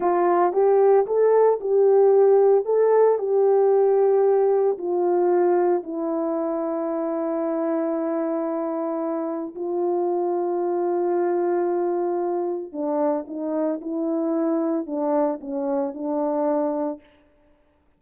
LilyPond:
\new Staff \with { instrumentName = "horn" } { \time 4/4 \tempo 4 = 113 f'4 g'4 a'4 g'4~ | g'4 a'4 g'2~ | g'4 f'2 e'4~ | e'1~ |
e'2 f'2~ | f'1 | d'4 dis'4 e'2 | d'4 cis'4 d'2 | }